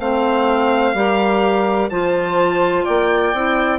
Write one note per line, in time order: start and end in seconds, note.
0.00 0.94 A3
0.00 0.96 C4
0.00 0.95 C5
0.00 1.90 F5
0.94 1.89 G3
0.94 1.91 G4
0.94 1.90 A#4
1.90 2.86 F3
1.90 3.34 F4
1.90 2.84 C5
1.90 2.85 A5
2.84 3.34 A#3
2.84 3.79 D5
2.84 3.79 G5
3.34 3.79 C4
3.34 3.79 E4